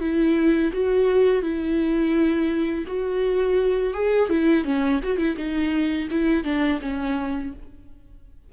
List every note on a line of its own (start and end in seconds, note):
0.00 0.71 E4
0.72 1.42 F#4
1.42 2.85 E4
2.87 3.94 F#4
3.94 4.30 G#4
4.30 4.64 E4
4.64 5.00 C#4
5.03 5.18 F#4
5.18 5.35 E4
5.37 6.08 D#4
6.10 6.44 E4
6.44 6.80 D4
6.81 7.53 C#4